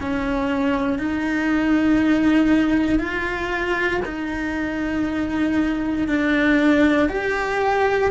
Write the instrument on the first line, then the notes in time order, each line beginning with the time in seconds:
cello
0.00 C#4
0.98 D#4
2.99 F4
4.05 D#4
6.07 D4
7.09 G4